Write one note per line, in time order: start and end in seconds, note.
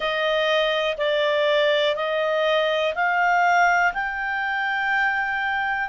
0.00 0.96 D#5
0.97 1.95 D5
1.95 2.93 D#5
2.95 3.93 F5
3.93 5.89 G5